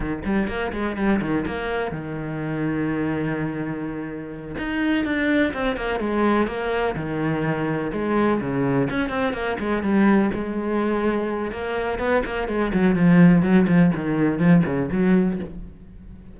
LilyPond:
\new Staff \with { instrumentName = "cello" } { \time 4/4 \tempo 4 = 125 dis8 g8 ais8 gis8 g8 dis8 ais4 | dis1~ | dis4. dis'4 d'4 c'8 | ais8 gis4 ais4 dis4.~ |
dis8 gis4 cis4 cis'8 c'8 ais8 | gis8 g4 gis2~ gis8 | ais4 b8 ais8 gis8 fis8 f4 | fis8 f8 dis4 f8 cis8 fis4 | }